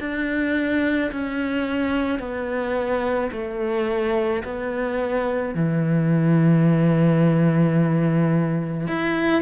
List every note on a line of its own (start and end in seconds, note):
0.00 1.11 D4
1.12 2.19 C#4
2.19 3.30 B3
3.32 4.43 A3
4.44 5.55 B3
5.55 8.87 E3
8.87 9.42 E4